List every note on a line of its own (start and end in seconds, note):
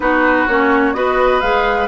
0.00 0.46 B3
0.00 0.47 D#4
0.00 0.96 F#4
0.00 0.47 B4
0.47 0.94 A#3
0.47 0.94 C#4
0.47 0.94 C#5
0.94 1.41 B3
0.94 1.41 F#4
0.94 1.88 B4
0.94 1.40 D#5
1.40 1.88 G#3
1.40 1.88 G#4
1.40 1.88 F5